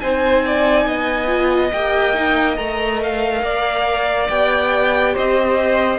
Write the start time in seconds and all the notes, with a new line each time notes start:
0.00 C4 D#4 C5 G#5
0.46 D5
0.86 B3 D#5
1.27 F4
1.72 A#3 G4 G5
2.14 D#4
2.56 A3 A#4 A#5
3.03 F5
3.43 A#3 D5
4.29 B3 G4 G5
5.14 C4 C5 D#5